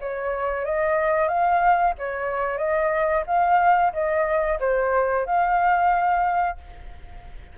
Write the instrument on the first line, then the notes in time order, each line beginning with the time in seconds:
flute
0.00 C#5
0.65 D#5
1.28 F5
1.98 C#5
2.58 D#5
3.26 F5
3.93 D#5
4.60 C5
5.26 F5